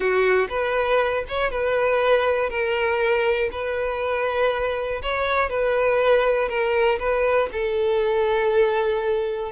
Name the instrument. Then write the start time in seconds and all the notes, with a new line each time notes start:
violin
0.00 F#4
0.49 B4
1.28 C#5
1.50 B4
2.49 A#4
3.51 B4
5.02 C#5
5.49 B4
6.48 A#4
6.99 B4
7.52 A4